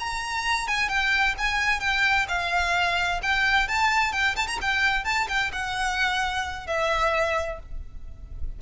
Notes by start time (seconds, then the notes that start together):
0.00 A#5
0.68 G#5
0.89 G5
1.38 G#5
1.80 G5
2.29 F5
3.22 G5
3.68 A5
4.13 G5
4.36 A5
4.47 A#5
4.62 G5
5.05 A5
5.29 G5
5.53 F#5
6.67 E5